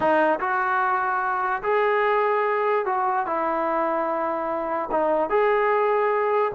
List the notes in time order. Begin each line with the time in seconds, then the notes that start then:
0.00 D#4
0.40 F#4
1.63 G#4
2.85 F#4
3.26 E4
4.91 D#4
5.29 G#4